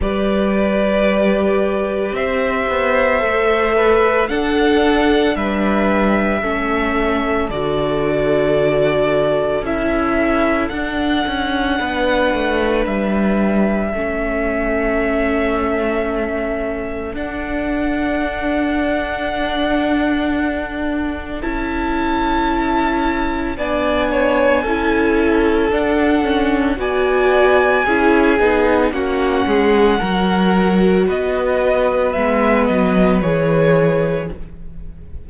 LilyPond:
<<
  \new Staff \with { instrumentName = "violin" } { \time 4/4 \tempo 4 = 56 d''2 e''2 | fis''4 e''2 d''4~ | d''4 e''4 fis''2 | e''1 |
fis''1 | a''2 gis''2 | fis''4 gis''2 fis''4~ | fis''4 dis''4 e''8 dis''8 cis''4 | }
  \new Staff \with { instrumentName = "violin" } { \time 4/4 b'2 c''4. b'8 | a'4 b'4 a'2~ | a'2. b'4~ | b'4 a'2.~ |
a'1~ | a'2 d''8 cis''8 a'4~ | a'4 d''4 gis'4 fis'8 gis'8 | ais'4 b'2. | }
  \new Staff \with { instrumentName = "viola" } { \time 4/4 g'2. a'4 | d'2 cis'4 fis'4~ | fis'4 e'4 d'2~ | d'4 cis'2. |
d'1 | e'2 d'4 e'4 | d'8 cis'8 fis'4 e'8 dis'8 cis'4 | fis'2 b4 gis'4 | }
  \new Staff \with { instrumentName = "cello" } { \time 4/4 g2 c'8 b8 a4 | d'4 g4 a4 d4~ | d4 cis'4 d'8 cis'8 b8 a8 | g4 a2. |
d'1 | cis'2 b4 cis'4 | d'4 b4 cis'8 b8 ais8 gis8 | fis4 b4 gis8 fis8 e4 | }
>>